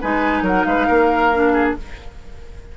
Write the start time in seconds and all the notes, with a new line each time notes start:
0.00 G#3 D#4 B4 G#5
0.42 F#3 A#4 F#5
0.64 G#3 B4 F5
0.87 A#3 A#4
1.33 D4
1.53 G#4